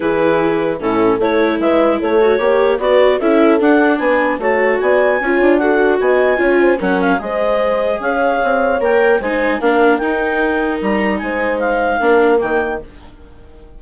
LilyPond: <<
  \new Staff \with { instrumentName = "clarinet" } { \time 4/4 \tempo 4 = 150 b'2 a'4 cis''4 | e''4 cis''2 d''4 | e''4 fis''4 gis''4 a''4 | gis''2 fis''4 gis''4~ |
gis''4 fis''8 f''8 dis''2 | f''2 g''4 gis''4 | f''4 g''2 ais''4 | gis''4 f''2 g''4 | }
  \new Staff \with { instrumentName = "horn" } { \time 4/4 gis'2 e'4 a'4 | b'4 a'4 cis''4 b'4 | a'2 b'4 cis''4 | d''4 cis''4 a'4 dis''4 |
cis''8 c''8 ais'4 c''2 | cis''2. c''4 | ais'1 | c''2 ais'2 | }
  \new Staff \with { instrumentName = "viola" } { \time 4/4 e'2 cis'4 e'4~ | e'4. fis'8 g'4 fis'4 | e'4 d'2 fis'4~ | fis'4 f'4 fis'2 |
f'4 cis'4 gis'2~ | gis'2 ais'4 dis'4 | d'4 dis'2.~ | dis'2 d'4 ais4 | }
  \new Staff \with { instrumentName = "bassoon" } { \time 4/4 e2 a,4 a4 | gis4 a4 ais4 b4 | cis'4 d'4 b4 a4 | b4 cis'8 d'4. b4 |
cis'4 fis4 gis2 | cis'4 c'4 ais4 gis4 | ais4 dis'2 g4 | gis2 ais4 dis4 | }
>>